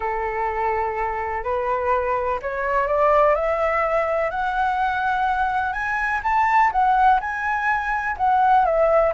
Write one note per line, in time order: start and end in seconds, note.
0.00 1.43 A4
1.43 2.39 B4
2.42 2.87 C#5
2.87 3.34 D5
3.34 4.30 E5
4.30 5.73 F#5
5.73 6.21 G#5
6.23 6.71 A5
6.72 7.20 F#5
7.20 8.16 G#5
8.17 8.65 F#5
8.65 9.13 E5